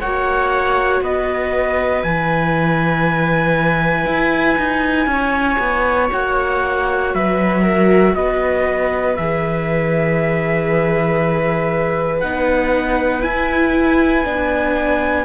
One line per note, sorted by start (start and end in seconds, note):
0.00 1.01 A#3
0.00 2.04 F#4
0.00 1.02 C#5
0.00 1.02 F#5
1.01 2.03 B3
1.01 5.08 B4
1.01 2.02 D#5
2.02 4.05 E3
2.02 6.09 E4
2.02 6.09 G#5
4.05 4.56 E4
4.57 5.06 D#4
5.06 5.57 C#4
5.06 7.14 C#5
5.58 6.09 B3
6.09 7.14 A#3
6.09 9.14 F#4
6.09 7.14 F#5
7.14 8.15 F#3
7.14 7.62 B4
7.14 8.15 E5
7.62 8.13 A#4
8.15 9.16 B3
8.15 15.25 B4
8.15 9.16 D#5
9.16 12.22 E3
9.16 12.23 G#4
9.16 12.20 E5
12.20 13.24 B3
12.20 13.21 D#4
12.20 13.21 F#5
13.21 14.23 E4
13.21 14.25 E4
13.21 15.25 G#5
14.24 15.25 B3
14.24 15.25 D4